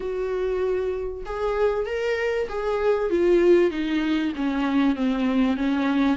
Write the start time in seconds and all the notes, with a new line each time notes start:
0.00 F#4
1.25 G#4
1.86 A#4
2.48 G#4
3.10 F4
3.71 D#4
4.35 C#4
4.95 C4
5.56 C#4